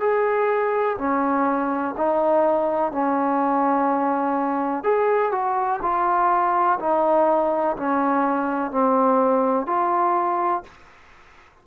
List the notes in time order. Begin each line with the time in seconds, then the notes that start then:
0.00 G#4
0.98 C#4
1.97 D#4
2.92 C#4
4.84 G#4
5.32 F#4
5.82 F4
6.80 D#4
7.77 C#4
8.71 C4
9.66 F4